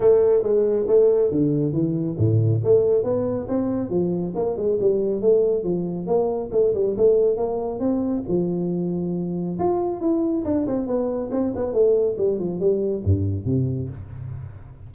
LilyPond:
\new Staff \with { instrumentName = "tuba" } { \time 4/4 \tempo 4 = 138 a4 gis4 a4 d4 | e4 a,4 a4 b4 | c'4 f4 ais8 gis8 g4 | a4 f4 ais4 a8 g8 |
a4 ais4 c'4 f4~ | f2 f'4 e'4 | d'8 c'8 b4 c'8 b8 a4 | g8 f8 g4 g,4 c4 | }